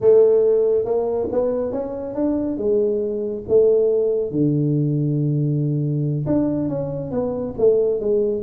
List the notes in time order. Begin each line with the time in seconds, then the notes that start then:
0.00 A3
0.84 A#3
1.32 B3
1.72 C#4
2.14 D4
2.57 G#3
3.48 A3
4.31 D3
6.26 D4
6.68 C#4
7.11 B3
7.58 A3
8.00 G#3